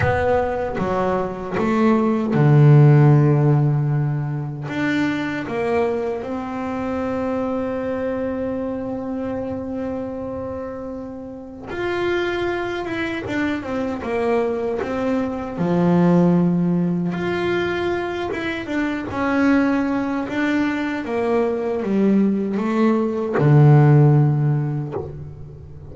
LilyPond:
\new Staff \with { instrumentName = "double bass" } { \time 4/4 \tempo 4 = 77 b4 fis4 a4 d4~ | d2 d'4 ais4 | c'1~ | c'2. f'4~ |
f'8 e'8 d'8 c'8 ais4 c'4 | f2 f'4. e'8 | d'8 cis'4. d'4 ais4 | g4 a4 d2 | }